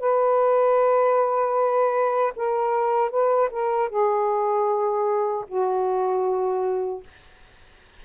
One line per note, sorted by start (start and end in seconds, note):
0.00 2.34 B4
2.36 3.11 A#4
3.11 3.50 B4
3.51 3.90 A#4
3.90 5.45 G#4
5.48 7.04 F#4